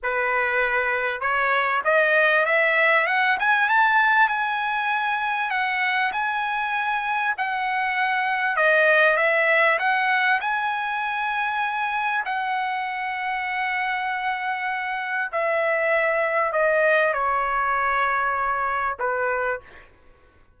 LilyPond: \new Staff \with { instrumentName = "trumpet" } { \time 4/4 \tempo 4 = 98 b'2 cis''4 dis''4 | e''4 fis''8 gis''8 a''4 gis''4~ | gis''4 fis''4 gis''2 | fis''2 dis''4 e''4 |
fis''4 gis''2. | fis''1~ | fis''4 e''2 dis''4 | cis''2. b'4 | }